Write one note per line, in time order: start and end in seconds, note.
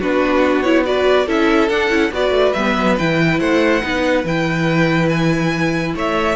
0.00 1.28 B3
0.00 0.65 D4
0.00 0.85 F#4
0.00 0.63 B4
0.63 0.85 E4
0.63 0.84 C#5
0.85 1.27 F#4
0.85 1.27 B4
0.85 1.29 D5
1.27 1.70 C#4
1.27 1.70 E4
1.27 2.12 A4
1.27 1.69 E5
1.69 1.90 D4
1.69 2.12 F#5
1.90 2.11 C#4
1.90 2.11 E4
2.12 2.31 B3
2.12 2.55 F#4
2.12 3.40 B4
2.12 2.53 D5
2.31 2.52 A3
2.53 2.76 G3
2.53 2.99 B3
2.53 2.96 E5
2.76 2.98 F#3
2.99 3.40 E3
2.99 3.82 E4
2.99 3.40 G5
3.40 3.83 A3
3.40 3.83 C5
3.40 4.25 F#5
3.82 4.24 B3
3.82 4.24 D#4
3.82 5.95 B4
4.24 5.95 E3
4.24 6.36 E4
4.24 5.09 G5
5.09 5.94 G#5
5.95 6.36 A3
5.95 6.36 C#5
5.95 6.36 E5